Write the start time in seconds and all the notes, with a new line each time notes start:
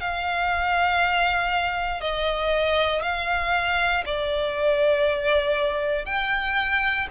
0.00 F5
2.01 D#5
3.02 F5
4.05 D5
6.06 G5